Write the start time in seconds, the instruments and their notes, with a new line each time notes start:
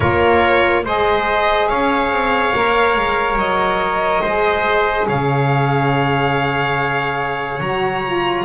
0.00 double bass A#3, saxophone F4, trumpet A#4, violin C#5
0.84 double bass G#3, saxophone G#4, trumpet C5, violin D#5
1.68 double bass C#4, trumpet C#5, violin F5
2.11 double bass C4
2.54 double bass A#3, saxophone A#4
2.96 double bass G#3
3.35 double bass F#3, violin D#5
4.22 double bass G#3, saxophone G#4, trumpet C5
5.07 double bass C#3, trumpet C#5, violin F5
7.60 double bass F#3, saxophone F#4, violin A#5
8.05 saxophone F4